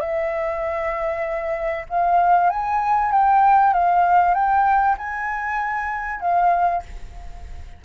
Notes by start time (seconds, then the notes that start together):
0.00 E5
1.89 F5
2.49 G#5
3.11 G5
3.73 F5
4.34 G5
4.97 G#5
6.20 F5